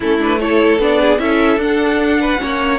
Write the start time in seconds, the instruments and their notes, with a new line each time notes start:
0.00 cello A3, viola C#4, violin E4 A4
0.19 viola D4, violin B4
0.40 viola E4, violin A4 C#5
0.79 cello B3, viola D4, violin D5
1.00 violin G#4
1.18 cello C#4, viola E4, violin A4 E5
1.57 cello D4, viola D4, violin F#5
2.20 violin B4
2.38 cello A#3, viola C#4, violin C#5